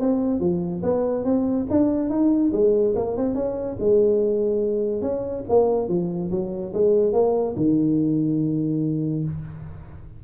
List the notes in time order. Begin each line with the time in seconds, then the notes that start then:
0.00 C4
0.40 F3
0.83 B3
1.25 C4
1.70 D4
2.10 D#4
2.52 G#3
2.96 A#3
3.17 C4
3.35 C#4
3.80 G#3
5.02 C#4
5.49 A#3
5.89 F3
6.31 F#3
6.73 G#3
7.13 A#3
7.56 D#3